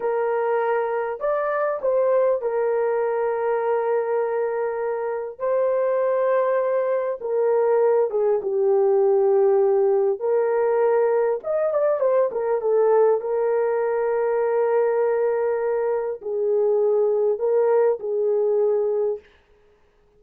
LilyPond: \new Staff \with { instrumentName = "horn" } { \time 4/4 \tempo 4 = 100 ais'2 d''4 c''4 | ais'1~ | ais'4 c''2. | ais'4. gis'8 g'2~ |
g'4 ais'2 dis''8 d''8 | c''8 ais'8 a'4 ais'2~ | ais'2. gis'4~ | gis'4 ais'4 gis'2 | }